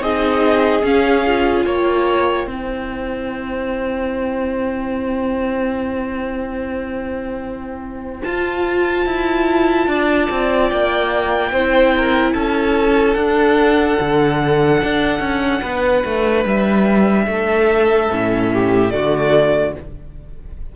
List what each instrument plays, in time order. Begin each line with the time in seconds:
0.00 cello C4, viola D#4, violin G#4 D#5
0.83 cello C#4, viola C#4, violin F5
1.26 viola F4
1.65 cello A#3, violin C#5 G5
2.47 cello C4, viola E4, violin C5
8.23 cello F4, viola F4, violin A5
9.06 cello E4
9.87 cello D4, violin D5
10.30 cello C4
10.70 cello A#3, violin G5
11.51 cello C4, viola E4, violin C5
11.97 violin A#4
12.33 cello C#4, violin A4 A5
13.14 cello D4, viola D4, violin F#5
14.00 cello D3
14.83 cello D4
15.20 cello C#4
15.61 cello B3, violin B4
16.04 cello A3
16.45 cello G3, violin E5
17.26 cello A3, violin A4
18.10 cello A2, viola C#4
18.53 violin G4
18.90 cello D3, viola A3, violin F#4 D5